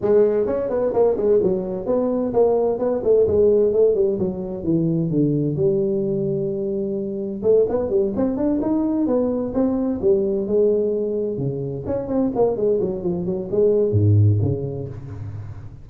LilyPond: \new Staff \with { instrumentName = "tuba" } { \time 4/4 \tempo 4 = 129 gis4 cis'8 b8 ais8 gis8 fis4 | b4 ais4 b8 a8 gis4 | a8 g8 fis4 e4 d4 | g1 |
a8 b8 g8 c'8 d'8 dis'4 b8~ | b8 c'4 g4 gis4.~ | gis8 cis4 cis'8 c'8 ais8 gis8 fis8 | f8 fis8 gis4 gis,4 cis4 | }